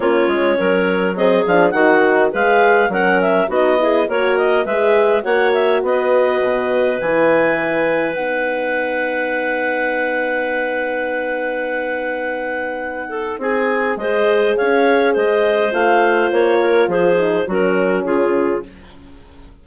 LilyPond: <<
  \new Staff \with { instrumentName = "clarinet" } { \time 4/4 \tempo 4 = 103 cis''2 dis''8 f''8 fis''4 | f''4 fis''8 e''8 dis''4 cis''8 dis''8 | e''4 fis''8 e''8 dis''2 | gis''2 fis''2~ |
fis''1~ | fis''2. gis''4 | dis''4 f''4 dis''4 f''4 | cis''4 c''4 ais'4 gis'4 | }
  \new Staff \with { instrumentName = "clarinet" } { \time 4/4 f'4 ais'4 gis'4 fis'4 | b'4 ais'4 fis'8 gis'8 ais'4 | b'4 cis''4 b'2~ | b'1~ |
b'1~ | b'2~ b'8 a'8 gis'4 | c''4 cis''4 c''2~ | c''8 ais'8 gis'4 fis'4 f'4 | }
  \new Staff \with { instrumentName = "horn" } { \time 4/4 cis'2 c'8 d'8 dis'4 | gis'4 cis'4 dis'8 e'8 fis'4 | gis'4 fis'2. | e'2 dis'2~ |
dis'1~ | dis'1 | gis'2. f'4~ | f'4. dis'8 cis'2 | }
  \new Staff \with { instrumentName = "bassoon" } { \time 4/4 ais8 gis8 fis4. f8 dis4 | gis4 fis4 b4 ais4 | gis4 ais4 b4 b,4 | e2 b2~ |
b1~ | b2. c'4 | gis4 cis'4 gis4 a4 | ais4 f4 fis4 cis4 | }
>>